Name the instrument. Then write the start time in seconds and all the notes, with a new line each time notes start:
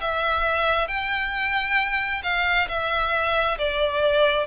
violin
0.00 E5
0.88 G5
2.23 F5
2.68 E5
3.58 D5